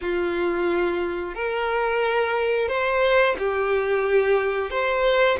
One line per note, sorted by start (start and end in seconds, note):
0.01 1.35 F4
1.35 2.68 A#4
2.68 3.35 C5
3.38 4.70 G4
4.70 5.37 C5